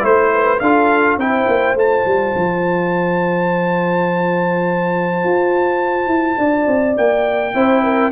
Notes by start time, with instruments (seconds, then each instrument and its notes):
0.00 tuba A3, trombone E4, horn C5, trumpet C5
0.33 horn B4
0.59 tuba D4, trombone F4, horn A4, trumpet F5
1.17 tuba C4, trombone E4, horn C5, trumpet G5
1.47 tuba A#3
1.74 tuba A3, trombone F4, trumpet A5
2.05 tuba G3
2.35 tuba F3
5.24 tuba F4
6.07 tuba E4
6.37 tuba D4, horn D5
6.67 tuba C4
6.97 tuba A#3, trumpet G5
7.54 tuba C4, trombone E4, horn C5
7.83 horn A#4